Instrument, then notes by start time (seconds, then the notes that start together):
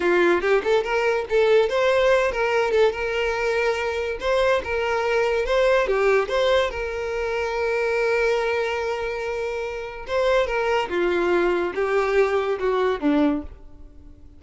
violin
0.00 F4
0.41 G4
0.63 A4
0.83 A#4
1.29 A4
1.69 C5
2.31 A#4
2.71 A4
2.92 A#4
4.20 C5
4.64 A#4
5.45 C5
5.87 G4
6.28 C5
6.70 A#4
10.07 C5
10.47 A#4
10.89 F4
11.74 G4
12.59 F#4
13.00 D4